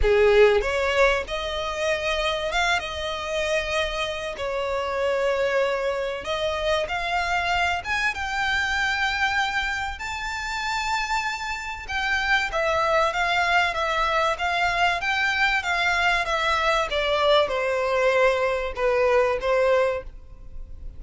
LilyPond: \new Staff \with { instrumentName = "violin" } { \time 4/4 \tempo 4 = 96 gis'4 cis''4 dis''2 | f''8 dis''2~ dis''8 cis''4~ | cis''2 dis''4 f''4~ | f''8 gis''8 g''2. |
a''2. g''4 | e''4 f''4 e''4 f''4 | g''4 f''4 e''4 d''4 | c''2 b'4 c''4 | }